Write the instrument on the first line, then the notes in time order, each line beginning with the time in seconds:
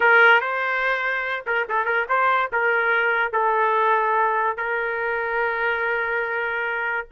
trumpet
0.00 A#4
0.40 C5
1.46 A#4
1.68 A4
1.85 A#4
2.08 C5
2.52 A#4
3.32 A4
4.57 A#4